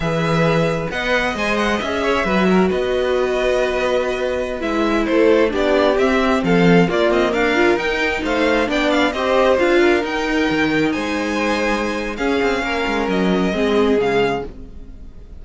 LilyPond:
<<
  \new Staff \with { instrumentName = "violin" } { \time 4/4 \tempo 4 = 133 e''2 fis''4 gis''8 fis''8 | e''2 dis''2~ | dis''2~ dis''16 e''4 c''8.~ | c''16 d''4 e''4 f''4 d''8 dis''16~ |
dis''16 f''4 g''4 f''4 g''8 f''16~ | f''16 dis''4 f''4 g''4.~ g''16~ | g''16 gis''2~ gis''8. f''4~ | f''4 dis''2 f''4 | }
  \new Staff \with { instrumentName = "violin" } { \time 4/4 b'2 dis''2~ | dis''8 cis''8 b'8 ais'8 b'2~ | b'2.~ b'16 a'8.~ | a'16 g'2 a'4 f'8.~ |
f'16 ais'2 c''4 d''8.~ | d''16 c''4. ais'2~ ais'16~ | ais'16 c''2~ c''8. gis'4 | ais'2 gis'2 | }
  \new Staff \with { instrumentName = "viola" } { \time 4/4 gis'2 b'4 c''4 | gis'4 fis'2.~ | fis'2~ fis'16 e'4.~ e'16~ | e'16 d'4 c'2 ais8.~ |
ais8. f'8 dis'2 d'8.~ | d'16 g'4 f'4 dis'4.~ dis'16~ | dis'2. cis'4~ | cis'2 c'4 gis4 | }
  \new Staff \with { instrumentName = "cello" } { \time 4/4 e2 b4 gis4 | cis'4 fis4 b2~ | b2~ b16 gis4 a8.~ | a16 b4 c'4 f4 ais8 c'16~ |
c'16 d'4 dis'4 a4 b8.~ | b16 c'4 d'4 dis'4 dis8.~ | dis16 gis2~ gis8. cis'8 c'8 | ais8 gis8 fis4 gis4 cis4 | }
>>